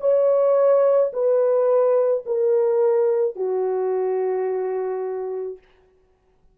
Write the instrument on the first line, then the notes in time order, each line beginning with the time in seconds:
horn
0.00 C#5
1.13 B4
2.25 A#4
3.35 F#4